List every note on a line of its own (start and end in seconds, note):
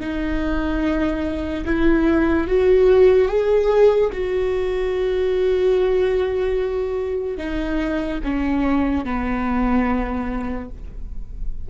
0.00 1.64 D#4
1.65 2.47 E4
2.47 3.28 F#4
3.28 4.10 G#4
4.12 7.37 F#4
7.37 8.19 D#4
8.23 9.04 C#4
9.04 10.68 B3